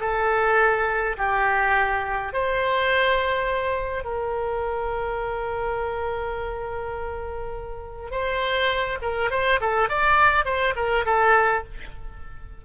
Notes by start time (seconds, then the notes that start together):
0.00 A4
1.17 G4
2.33 C5
4.04 A#4
8.11 C5
9.02 A#4
9.30 C5
9.60 A4
9.89 D5
10.45 C5
10.76 A#4
11.05 A4